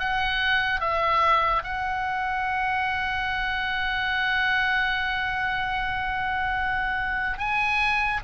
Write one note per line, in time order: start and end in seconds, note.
0.00 0.81 F#5
0.81 1.63 E5
1.64 7.38 F#5
7.38 8.20 G#5